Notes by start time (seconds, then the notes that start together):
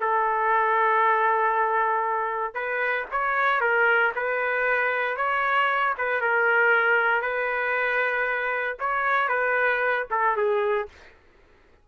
0.00 A4
2.54 B4
3.11 C#5
3.60 A#4
4.15 B4
5.16 C#5
5.97 B4
6.21 A#4
7.21 B4
8.79 C#5
9.28 B4
10.10 A4
10.36 G#4